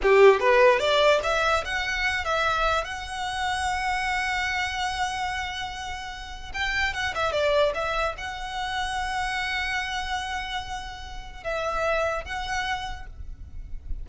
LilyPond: \new Staff \with { instrumentName = "violin" } { \time 4/4 \tempo 4 = 147 g'4 b'4 d''4 e''4 | fis''4. e''4. fis''4~ | fis''1~ | fis''1 |
g''4 fis''8 e''8 d''4 e''4 | fis''1~ | fis''1 | e''2 fis''2 | }